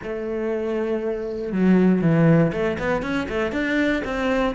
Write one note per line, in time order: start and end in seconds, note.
0.03 1.51 A3
1.51 2.01 F#3
2.01 2.52 E3
2.52 2.77 A3
2.79 3.02 B3
3.02 3.27 C#4
3.28 3.52 A3
3.52 4.02 D4
4.04 4.54 C4